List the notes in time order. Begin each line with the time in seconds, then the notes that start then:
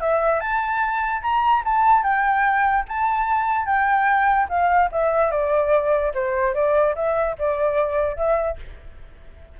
0.00 E5
0.40 A5
1.22 A#5
1.65 A5
2.03 G5
2.88 A5
3.66 G5
4.49 F5
4.91 E5
5.31 D5
6.14 C5
6.54 D5
6.95 E5
7.39 D5
8.16 E5